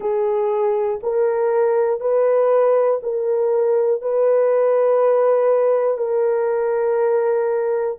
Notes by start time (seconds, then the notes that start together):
0.00 G#4
1.03 A#4
2.00 B4
3.03 A#4
4.01 B4
5.97 A#4